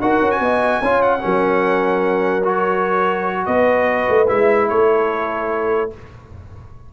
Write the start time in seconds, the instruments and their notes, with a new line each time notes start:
0.00 tuba D#4, trombone F#4, horn A#4, trumpet F#5
0.21 tuba C#4
0.32 trumpet G#5
0.40 tuba B3, horn D#5
0.82 tuba C#4, trombone F4, horn C#5
1.02 trumpet F#5
1.20 tuba F#3, trombone C#4, horn A#4
2.44 trombone F#4, trumpet C#5
3.46 tuba B3, horn B4, trumpet D#5
4.09 tuba A3
4.27 tuba G#3, trombone E4, trumpet E5
4.69 tuba A3, horn A4, trumpet C#5